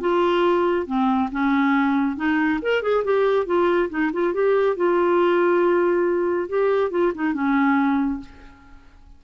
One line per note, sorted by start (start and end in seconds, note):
0.00 0.86 F4
0.86 1.29 C4
1.31 2.16 C#4
2.16 2.59 D#4
2.62 2.82 A#4
2.82 3.04 G#4
3.04 3.46 G4
3.46 3.89 F4
3.89 4.11 D#4
4.12 4.33 F4
4.33 4.76 G4
4.76 6.48 F4
6.48 6.91 G4
6.91 7.12 F4
7.14 7.33 D#4
7.33 8.19 C#4